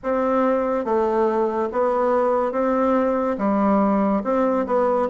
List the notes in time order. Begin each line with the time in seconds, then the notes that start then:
0.03 C4
0.85 A3
1.72 B3
2.52 C4
3.38 G3
4.23 C4
4.66 B3